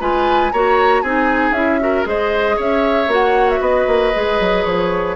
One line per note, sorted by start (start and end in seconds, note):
0.00 0.52 G#3
0.00 0.52 F4
0.00 0.52 B4
0.00 0.52 G#5
0.52 1.02 A#3
0.52 1.05 F#4
0.52 1.02 C#5
0.52 1.02 A#5
1.02 1.51 C4
1.02 1.54 D#4
1.02 1.80 G#4
1.02 1.52 G#5
1.51 2.02 C#4
1.51 1.80 E4
1.51 2.04 E5
1.80 2.04 F#4
1.80 2.08 A#4
2.04 2.57 G#3
2.04 3.07 G#4
2.04 2.56 C5
2.04 2.59 D#5
2.56 3.07 C#4
2.56 3.60 C#5
2.56 3.12 E5
3.07 3.59 A#3
3.07 4.13 F#4
3.13 3.50 F#5
3.50 3.62 E5
3.60 3.86 B3
3.60 5.16 B4
3.60 4.64 D#5
3.87 4.12 A#3
4.14 4.40 G#3
4.14 5.16 G#4
4.40 4.65 F#3
4.64 5.16 F3
4.64 5.16 C#5